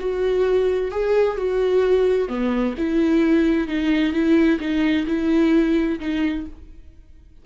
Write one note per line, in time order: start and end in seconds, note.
0.00 0.91 F#4
0.91 1.38 G#4
1.38 2.29 F#4
2.29 2.75 B3
2.78 3.68 E4
3.68 4.13 D#4
4.13 4.59 E4
4.60 5.06 D#4
5.07 6.00 E4
6.00 6.46 D#4